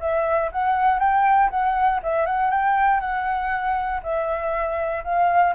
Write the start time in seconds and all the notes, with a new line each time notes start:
0.00 E5
0.52 F#5
0.99 G5
1.50 F#5
2.03 E5
2.26 F#5
2.50 G5
3.00 F#5
4.03 E5
5.04 F5